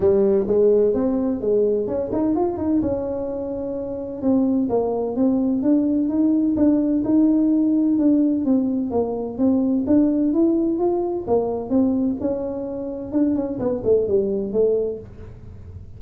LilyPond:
\new Staff \with { instrumentName = "tuba" } { \time 4/4 \tempo 4 = 128 g4 gis4 c'4 gis4 | cis'8 dis'8 f'8 dis'8 cis'2~ | cis'4 c'4 ais4 c'4 | d'4 dis'4 d'4 dis'4~ |
dis'4 d'4 c'4 ais4 | c'4 d'4 e'4 f'4 | ais4 c'4 cis'2 | d'8 cis'8 b8 a8 g4 a4 | }